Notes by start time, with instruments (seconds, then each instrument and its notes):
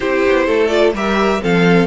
0.00 cello C4, viola E4, violin G4 C5
0.26 cello B3
0.46 cello A3, violin A4
0.67 viola F4, violin D5
0.93 cello G3, viola G4, violin A#4 E5
1.40 cello F3, viola C4, violin A4 F5